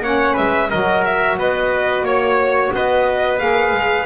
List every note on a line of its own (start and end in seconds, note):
0.00 0.34 A#3
0.00 0.70 C#4
0.00 0.33 C#5
0.00 0.35 F#5
0.33 0.71 G#3
0.33 0.67 B4
0.33 0.70 E5
0.70 1.38 F#3
0.70 3.37 F#4
0.70 1.37 A#4
0.70 1.04 D#5
1.04 1.38 E5
1.38 2.02 B3
1.38 2.04 B4
1.38 2.05 D#5
2.02 2.69 A#3
2.02 2.72 C#5
2.73 3.40 B3
2.73 4.05 B4
2.73 3.39 D#5
3.37 3.72 A#3
3.37 4.05 G#4
3.37 4.05 F5
3.72 4.05 G#3